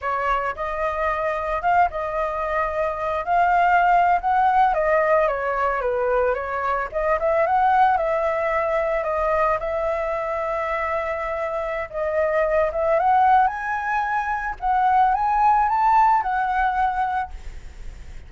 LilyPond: \new Staff \with { instrumentName = "flute" } { \time 4/4 \tempo 4 = 111 cis''4 dis''2 f''8 dis''8~ | dis''2 f''4.~ f''16 fis''16~ | fis''8. dis''4 cis''4 b'4 cis''16~ | cis''8. dis''8 e''8 fis''4 e''4~ e''16~ |
e''8. dis''4 e''2~ e''16~ | e''2 dis''4. e''8 | fis''4 gis''2 fis''4 | gis''4 a''4 fis''2 | }